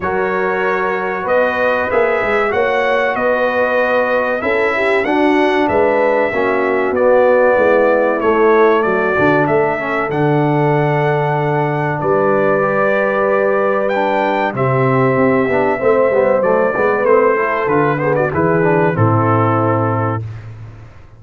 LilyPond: <<
  \new Staff \with { instrumentName = "trumpet" } { \time 4/4 \tempo 4 = 95 cis''2 dis''4 e''4 | fis''4 dis''2 e''4 | fis''4 e''2 d''4~ | d''4 cis''4 d''4 e''4 |
fis''2. d''4~ | d''2 g''4 e''4~ | e''2 d''4 c''4 | b'8 c''16 d''16 b'4 a'2 | }
  \new Staff \with { instrumentName = "horn" } { \time 4/4 ais'2 b'2 | cis''4 b'2 a'8 g'8 | fis'4 b'4 fis'2 | e'2 fis'4 a'4~ |
a'2. b'4~ | b'2. g'4~ | g'4 c''4. b'4 a'8~ | a'8 gis'16 fis'16 gis'4 e'2 | }
  \new Staff \with { instrumentName = "trombone" } { \time 4/4 fis'2. gis'4 | fis'2. e'4 | d'2 cis'4 b4~ | b4 a4. d'4 cis'8 |
d'1 | g'2 d'4 c'4~ | c'8 d'8 c'8 b8 a8 b8 c'8 e'8 | f'8 b8 e'8 d'8 c'2 | }
  \new Staff \with { instrumentName = "tuba" } { \time 4/4 fis2 b4 ais8 gis8 | ais4 b2 cis'4 | d'4 gis4 ais4 b4 | gis4 a4 fis8 d8 a4 |
d2. g4~ | g2. c4 | c'8 b8 a8 g8 fis8 gis8 a4 | d4 e4 a,2 | }
>>